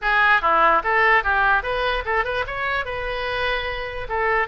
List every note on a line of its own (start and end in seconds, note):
0.01 0.41 G#4
0.41 0.82 E4
0.83 1.23 A4
1.23 1.63 G4
1.63 2.03 B4
2.05 2.24 A4
2.24 2.44 B4
2.46 2.85 C#5
2.85 4.07 B4
4.08 4.47 A4